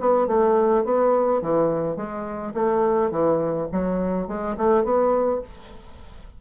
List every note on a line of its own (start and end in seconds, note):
0.00 0.27 B3
0.27 0.84 A3
0.84 1.41 B3
1.41 1.96 E3
1.96 2.53 G#3
2.54 3.10 A3
3.10 3.68 E3
3.72 4.27 F#3
4.27 4.56 G#3
4.57 4.84 A3
4.84 5.41 B3